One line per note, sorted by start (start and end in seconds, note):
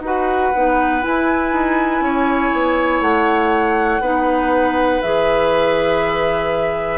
0.00 0.50 D#4
0.00 0.53 F#4
0.00 2.04 B4
0.00 1.03 F#5
0.54 1.04 B3
0.54 1.01 D#4
1.01 4.01 E4
1.01 1.52 E4
1.01 3.02 G#5
1.52 2.00 D#4
2.00 2.50 C#4
2.00 4.01 C#5
2.52 3.00 B3
3.00 4.00 A3
3.00 5.02 F#5
4.00 5.00 B3
4.00 5.02 D#4
4.00 6.98 B4
5.02 6.98 E3
5.02 6.98 G#4
5.02 6.98 E5